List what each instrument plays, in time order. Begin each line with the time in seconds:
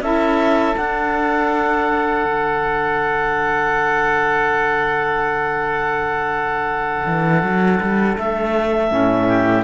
0.00 cello C#4, saxophone E4, oboe A4, clarinet E5
0.73 saxophone D4, cello D4, clarinet F#5
2.25 cello D3
7.06 cello E3
7.42 cello F#3
7.80 cello G3
8.17 cello A3, clarinet E5
8.89 cello A2, saxophone C#4
9.27 oboe G4